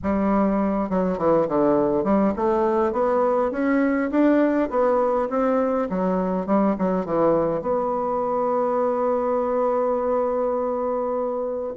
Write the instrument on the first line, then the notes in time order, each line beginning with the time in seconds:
bassoon
0.02 G3
0.89 F#3
1.18 E3
1.48 D3
2.04 G3
2.36 A3
2.92 B3
3.51 C#4
4.10 D4
4.70 B3
5.29 C4
5.89 F#3
6.46 G3
6.78 F#3
7.05 E3
7.61 B3